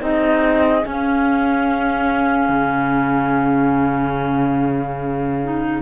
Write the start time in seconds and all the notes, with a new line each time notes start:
0.00 C4 D#4 G#4 D#5
0.82 C#4 F5
2.49 C#3
5.43 D#4